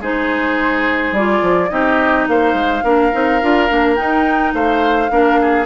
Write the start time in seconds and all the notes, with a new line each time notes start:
0.00 G#3 D#4 G#4 C5
1.12 G3 F4 D5
1.42 F3
1.69 C4 D#4 G4 D#5
2.28 A#3 C5 F5
2.54 G#3
2.84 A#3 D4 A#4
3.12 C4 D#4
3.42 D4 F4
3.69 A#3 D4
3.96 D#4 G5
4.53 A3 C5 F5
5.10 A#3 D4 A#4
5.41 G#4